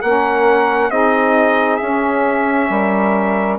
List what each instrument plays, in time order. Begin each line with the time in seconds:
0.00 bassoon A#3, saxophone C#4 A#4, trumpet F#5
0.90 bassoon C4, saxophone D#4 G#4, trumpet D#5
1.76 bassoon C#4, saxophone C#4, trumpet E5
2.69 bassoon G3, saxophone A#4